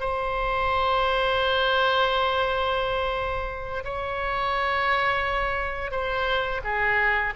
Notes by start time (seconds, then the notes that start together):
0.00 C5
3.84 C#5
5.91 C5
6.64 G#4